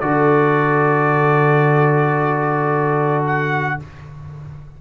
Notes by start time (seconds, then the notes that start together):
0.00 D3 F#4 A4 D5
3.26 F#5